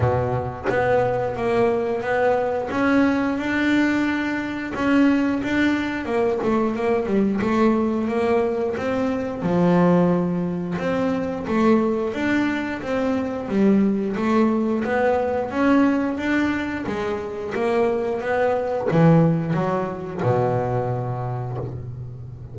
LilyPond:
\new Staff \with { instrumentName = "double bass" } { \time 4/4 \tempo 4 = 89 b,4 b4 ais4 b4 | cis'4 d'2 cis'4 | d'4 ais8 a8 ais8 g8 a4 | ais4 c'4 f2 |
c'4 a4 d'4 c'4 | g4 a4 b4 cis'4 | d'4 gis4 ais4 b4 | e4 fis4 b,2 | }